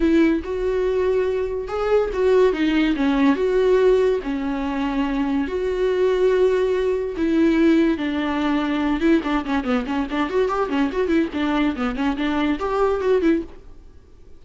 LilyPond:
\new Staff \with { instrumentName = "viola" } { \time 4/4 \tempo 4 = 143 e'4 fis'2. | gis'4 fis'4 dis'4 cis'4 | fis'2 cis'2~ | cis'4 fis'2.~ |
fis'4 e'2 d'4~ | d'4. e'8 d'8 cis'8 b8 cis'8 | d'8 fis'8 g'8 cis'8 fis'8 e'8 d'4 | b8 cis'8 d'4 g'4 fis'8 e'8 | }